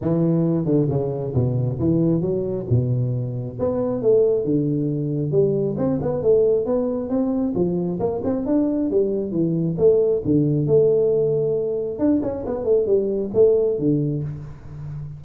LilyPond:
\new Staff \with { instrumentName = "tuba" } { \time 4/4 \tempo 4 = 135 e4. d8 cis4 b,4 | e4 fis4 b,2 | b4 a4 d2 | g4 c'8 b8 a4 b4 |
c'4 f4 ais8 c'8 d'4 | g4 e4 a4 d4 | a2. d'8 cis'8 | b8 a8 g4 a4 d4 | }